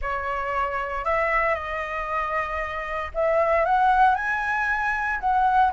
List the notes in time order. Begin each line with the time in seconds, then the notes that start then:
0.01 C#5
1.04 E5
1.54 D#5
3.14 E5
3.65 F#5
4.15 G#5
5.19 F#5